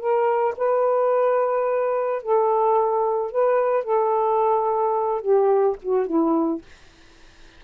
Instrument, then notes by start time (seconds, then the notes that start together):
saxophone
0.00 A#4
0.58 B4
2.23 A4
3.32 B4
3.84 A4
5.22 G4
5.82 F#4
6.07 E4